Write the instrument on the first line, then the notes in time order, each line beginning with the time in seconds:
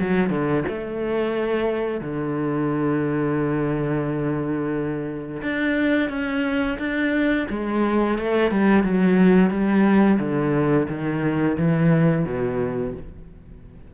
cello
0.00 F#3
0.30 D3
0.68 A3
2.01 D3
5.42 D4
6.10 C#4
6.79 D4
7.50 G#3
8.18 A3
8.51 G3
8.83 F#3
9.51 G3
10.19 D3
10.89 D#3
11.58 E3
12.25 B2